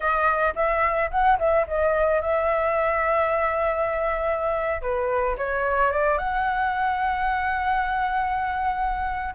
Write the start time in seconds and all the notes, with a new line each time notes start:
0.00 D#5
0.55 E5
1.11 F#5
1.38 E5
1.67 D#5
2.21 E5
4.81 B4
5.37 C#5
5.91 D5
6.18 F#5